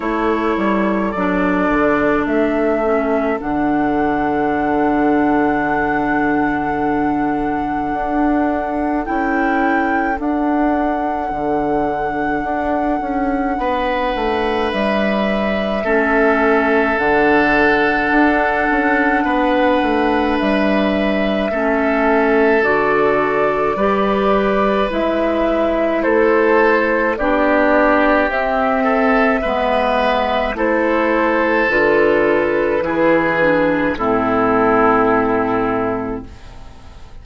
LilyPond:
<<
  \new Staff \with { instrumentName = "flute" } { \time 4/4 \tempo 4 = 53 cis''4 d''4 e''4 fis''4~ | fis''1 | g''4 fis''2.~ | fis''4 e''2 fis''4~ |
fis''2 e''2 | d''2 e''4 c''4 | d''4 e''2 c''4 | b'2 a'2 | }
  \new Staff \with { instrumentName = "oboe" } { \time 4/4 a'1~ | a'1~ | a'1 | b'2 a'2~ |
a'4 b'2 a'4~ | a'4 b'2 a'4 | g'4. a'8 b'4 a'4~ | a'4 gis'4 e'2 | }
  \new Staff \with { instrumentName = "clarinet" } { \time 4/4 e'4 d'4. cis'8 d'4~ | d'1 | e'4 d'2.~ | d'2 cis'4 d'4~ |
d'2. cis'4 | fis'4 g'4 e'2 | d'4 c'4 b4 e'4 | f'4 e'8 d'8 c'2 | }
  \new Staff \with { instrumentName = "bassoon" } { \time 4/4 a8 g8 fis8 d8 a4 d4~ | d2. d'4 | cis'4 d'4 d4 d'8 cis'8 | b8 a8 g4 a4 d4 |
d'8 cis'8 b8 a8 g4 a4 | d4 g4 gis4 a4 | b4 c'4 gis4 a4 | d4 e4 a,2 | }
>>